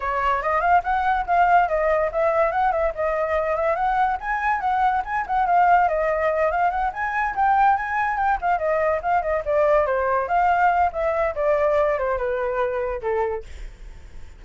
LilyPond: \new Staff \with { instrumentName = "flute" } { \time 4/4 \tempo 4 = 143 cis''4 dis''8 f''8 fis''4 f''4 | dis''4 e''4 fis''8 e''8 dis''4~ | dis''8 e''8 fis''4 gis''4 fis''4 | gis''8 fis''8 f''4 dis''4. f''8 |
fis''8 gis''4 g''4 gis''4 g''8 | f''8 dis''4 f''8 dis''8 d''4 c''8~ | c''8 f''4. e''4 d''4~ | d''8 c''8 b'2 a'4 | }